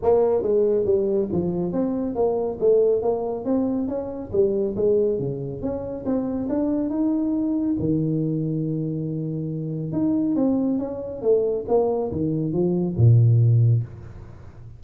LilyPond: \new Staff \with { instrumentName = "tuba" } { \time 4/4 \tempo 4 = 139 ais4 gis4 g4 f4 | c'4 ais4 a4 ais4 | c'4 cis'4 g4 gis4 | cis4 cis'4 c'4 d'4 |
dis'2 dis2~ | dis2. dis'4 | c'4 cis'4 a4 ais4 | dis4 f4 ais,2 | }